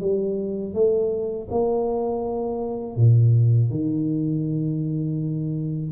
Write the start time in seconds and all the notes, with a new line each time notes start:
0.00 G3
0.74 A3
1.51 A#3
2.96 A#2
3.70 D#3